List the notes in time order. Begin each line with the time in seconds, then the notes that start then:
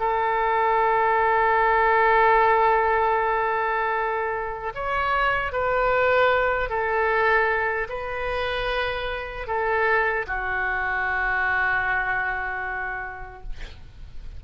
0.00 A4
4.75 C#5
5.53 B4
6.70 A4
7.89 B4
9.47 A4
10.27 F#4